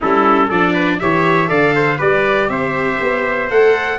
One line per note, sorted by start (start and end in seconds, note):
0.01 0.50 G3
0.01 0.51 C#4
0.01 0.48 E4
0.01 0.50 A4
0.48 1.00 F3
0.48 1.00 D4
0.48 0.73 A4
0.48 0.99 D5
0.73 0.98 B4
0.99 1.50 E3
0.99 1.47 G4
0.99 1.48 C#5
0.99 1.49 E5
1.47 2.00 D3
1.47 1.97 A4
1.47 1.73 D5
1.47 1.99 F5
1.75 1.97 C5
1.97 2.48 G3
1.97 3.47 G4
1.97 2.47 B4
1.97 2.49 D5
2.48 2.98 C4
2.48 3.98 C5
2.48 3.49 E5
3.01 3.50 B3
3.50 3.98 A3
3.50 3.98 A4
3.50 3.98 F#5